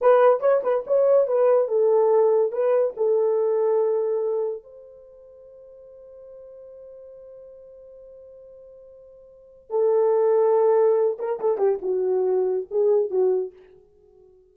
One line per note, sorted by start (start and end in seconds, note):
0.01 0.40 B4
0.40 0.61 C#5
0.63 0.84 B4
0.87 1.27 C#5
1.27 1.68 B4
1.68 2.51 A4
2.51 2.94 B4
2.96 4.63 A4
4.63 9.70 C5
9.70 11.17 A4
11.18 11.39 A#4
11.40 11.57 A4
11.57 11.78 G4
11.82 12.66 F#4
12.70 13.10 G#4
13.10 13.52 F#4